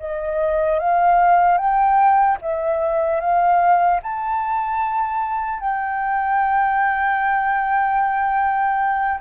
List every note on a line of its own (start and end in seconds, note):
0.00 0.80 D#5
0.80 1.58 F5
1.58 2.38 G5
2.42 3.21 E5
3.21 4.01 F5
4.03 5.60 A5
5.60 9.20 G5